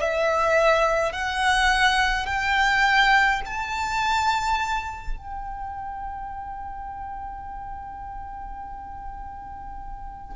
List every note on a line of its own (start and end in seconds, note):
0.00 1.13 E5
1.13 2.26 F#5
2.26 3.41 G5
3.46 5.17 A5
5.17 10.36 G5